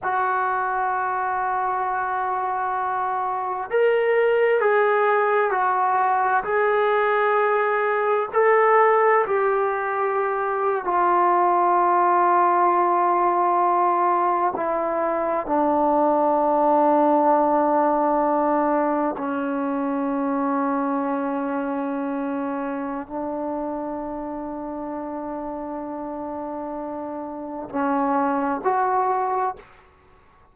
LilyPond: \new Staff \with { instrumentName = "trombone" } { \time 4/4 \tempo 4 = 65 fis'1 | ais'4 gis'4 fis'4 gis'4~ | gis'4 a'4 g'4.~ g'16 f'16~ | f'2.~ f'8. e'16~ |
e'8. d'2.~ d'16~ | d'8. cis'2.~ cis'16~ | cis'4 d'2.~ | d'2 cis'4 fis'4 | }